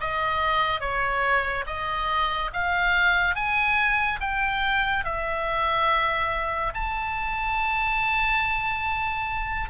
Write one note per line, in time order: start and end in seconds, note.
0.00 0.80 D#5
0.80 1.64 C#5
1.66 2.50 D#5
2.53 3.35 F5
3.35 4.19 G#5
4.20 5.04 G5
5.04 6.73 E5
6.74 9.70 A5